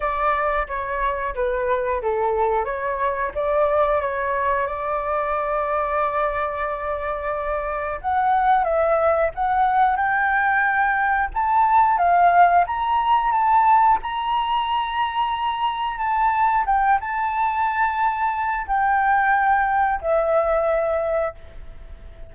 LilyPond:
\new Staff \with { instrumentName = "flute" } { \time 4/4 \tempo 4 = 90 d''4 cis''4 b'4 a'4 | cis''4 d''4 cis''4 d''4~ | d''1 | fis''4 e''4 fis''4 g''4~ |
g''4 a''4 f''4 ais''4 | a''4 ais''2. | a''4 g''8 a''2~ a''8 | g''2 e''2 | }